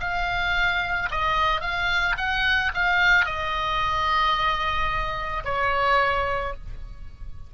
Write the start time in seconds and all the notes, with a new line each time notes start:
0.00 F5
1.11 D#5
1.61 F5
2.17 F#5
2.74 F5
3.25 D#5
5.44 C#5